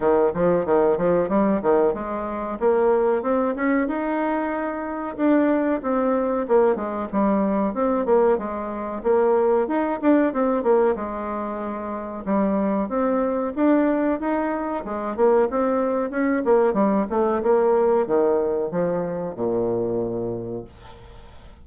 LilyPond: \new Staff \with { instrumentName = "bassoon" } { \time 4/4 \tempo 4 = 93 dis8 f8 dis8 f8 g8 dis8 gis4 | ais4 c'8 cis'8 dis'2 | d'4 c'4 ais8 gis8 g4 | c'8 ais8 gis4 ais4 dis'8 d'8 |
c'8 ais8 gis2 g4 | c'4 d'4 dis'4 gis8 ais8 | c'4 cis'8 ais8 g8 a8 ais4 | dis4 f4 ais,2 | }